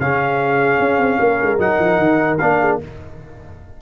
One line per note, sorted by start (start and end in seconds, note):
0.00 0.79 C#3
0.00 1.59 C#4
0.00 1.19 G#4
0.00 1.60 F5
0.79 0.98 C#4
0.98 1.18 C4
1.19 1.40 A#3
1.19 2.59 A#4
1.42 1.59 G#3
1.59 1.79 F#3
1.59 2.39 D#4
1.59 2.38 F#5
1.80 1.99 F3
1.99 2.39 D#3
2.38 2.82 A#3
2.38 2.81 D4
2.38 2.78 F5
2.60 2.80 G#4